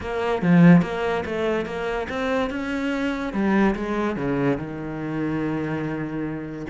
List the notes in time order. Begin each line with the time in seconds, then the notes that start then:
0.00 A#3
0.42 F3
0.82 A#3
1.25 A3
1.65 A#3
2.09 C4
2.50 C#4
3.33 G3
3.75 G#3
4.16 C#3
4.57 D#3